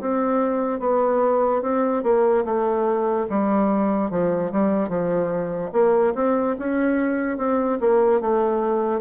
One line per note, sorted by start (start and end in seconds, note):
0.00 0.79 C4
0.79 1.61 B3
1.62 2.03 C4
2.03 2.44 A#3
2.44 3.27 A3
3.29 4.10 G3
4.10 4.51 F3
4.52 4.89 G3
4.89 5.71 F3
5.72 6.13 A#3
6.15 6.56 C4
6.58 7.37 C#4
7.37 7.78 C4
7.80 8.20 A#3
8.20 9.00 A3